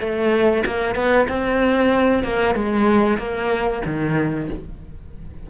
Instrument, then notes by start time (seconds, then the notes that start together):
cello
0.00 A3
0.66 A#3
0.95 B3
1.29 C4
2.24 A#3
2.55 G#3
3.19 A#3
3.86 D#3